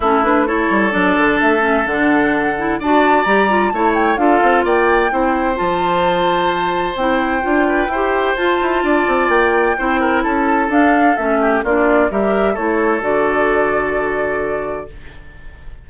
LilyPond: <<
  \new Staff \with { instrumentName = "flute" } { \time 4/4 \tempo 4 = 129 a'8 b'8 cis''4 d''4 e''4 | fis''2 a''4 ais''4 | a''8 g''8 f''4 g''2 | a''2. g''4~ |
g''2 a''2 | g''2 a''4 f''4 | e''4 d''4 e''4 cis''4 | d''1 | }
  \new Staff \with { instrumentName = "oboe" } { \time 4/4 e'4 a'2.~ | a'2 d''2 | cis''4 a'4 d''4 c''4~ | c''1~ |
c''8 b'8 c''2 d''4~ | d''4 c''8 ais'8 a'2~ | a'8 g'8 f'4 ais'4 a'4~ | a'1 | }
  \new Staff \with { instrumentName = "clarinet" } { \time 4/4 cis'8 d'8 e'4 d'4. cis'8 | d'4. e'8 fis'4 g'8 f'8 | e'4 f'2 e'4 | f'2. e'4 |
f'4 g'4 f'2~ | f'4 e'2 d'4 | cis'4 d'4 g'4 e'4 | fis'1 | }
  \new Staff \with { instrumentName = "bassoon" } { \time 4/4 a4. g8 fis8 d8 a4 | d2 d'4 g4 | a4 d'8 c'8 ais4 c'4 | f2. c'4 |
d'4 e'4 f'8 e'8 d'8 c'8 | ais4 c'4 cis'4 d'4 | a4 ais4 g4 a4 | d1 | }
>>